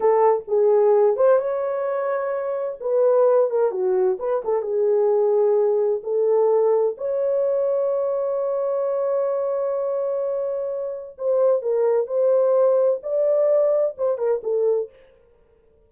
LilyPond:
\new Staff \with { instrumentName = "horn" } { \time 4/4 \tempo 4 = 129 a'4 gis'4. c''8 cis''4~ | cis''2 b'4. ais'8 | fis'4 b'8 a'8 gis'2~ | gis'4 a'2 cis''4~ |
cis''1~ | cis''1 | c''4 ais'4 c''2 | d''2 c''8 ais'8 a'4 | }